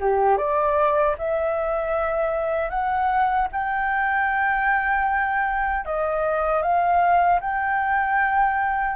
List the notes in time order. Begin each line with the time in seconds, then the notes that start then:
0.00 G4
0.37 D5
1.18 E5
2.70 F#5
3.52 G5
5.85 D#5
6.62 F5
7.40 G5